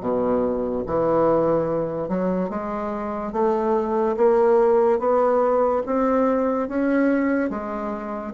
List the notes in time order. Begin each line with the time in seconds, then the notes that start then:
0.00 B2
0.86 E3
2.08 F#3
2.49 G#3
3.32 A3
4.16 A#3
4.99 B3
5.85 C4
6.68 C#4
7.50 G#3